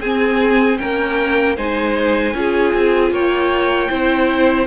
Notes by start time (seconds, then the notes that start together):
0.00 C4 G#4 G#5
0.77 A#3 C#4 A#4 G5
1.56 G#3 D#4 C5 G#5
2.34 C#4 F4 G#4
2.73 C4
3.11 A#3 C#5 G5
3.89 C4 E4 C5